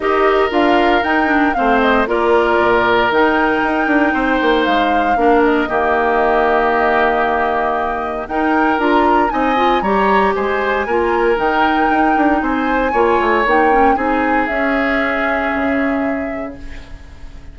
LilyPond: <<
  \new Staff \with { instrumentName = "flute" } { \time 4/4 \tempo 4 = 116 dis''4 f''4 g''4 f''8 dis''8 | d''2 g''2~ | g''4 f''4. dis''4.~ | dis''1 |
g''4 ais''4 gis''4 ais''4 | gis''2 g''2 | gis''2 g''4 gis''4 | e''1 | }
  \new Staff \with { instrumentName = "oboe" } { \time 4/4 ais'2. c''4 | ais'1 | c''2 ais'4 g'4~ | g'1 |
ais'2 dis''4 cis''4 | c''4 ais'2. | c''4 cis''2 gis'4~ | gis'1 | }
  \new Staff \with { instrumentName = "clarinet" } { \time 4/4 g'4 f'4 dis'8 d'8 c'4 | f'2 dis'2~ | dis'2 d'4 ais4~ | ais1 |
dis'4 f'4 dis'8 f'8 g'4~ | g'4 f'4 dis'2~ | dis'4 f'4 dis'8 cis'8 dis'4 | cis'1 | }
  \new Staff \with { instrumentName = "bassoon" } { \time 4/4 dis'4 d'4 dis'4 a4 | ais4 ais,4 dis4 dis'8 d'8 | c'8 ais8 gis4 ais4 dis4~ | dis1 |
dis'4 d'4 c'4 g4 | gis4 ais4 dis4 dis'8 d'8 | c'4 ais8 a8 ais4 c'4 | cis'2 cis2 | }
>>